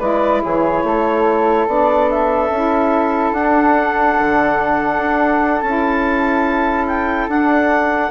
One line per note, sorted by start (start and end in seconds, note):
0.00 0.43 G#3
0.00 1.67 E4
0.00 0.42 B4
0.00 0.42 D5
0.42 0.84 E3
0.42 0.84 G#4
0.42 1.69 C#5
0.84 1.67 A3
0.84 8.11 A4
1.67 2.50 B3
1.67 2.51 D4
1.67 2.10 D5
2.10 3.33 E5
2.50 3.32 C#4
2.50 3.35 E4
3.32 4.16 D4
3.32 5.65 D4
3.32 5.61 F#5
4.19 4.98 D3
4.98 5.61 D4
5.61 7.28 C#4
5.61 7.29 E4
5.61 6.86 A5
6.87 7.29 G5
7.28 8.11 D4
7.28 8.11 F#5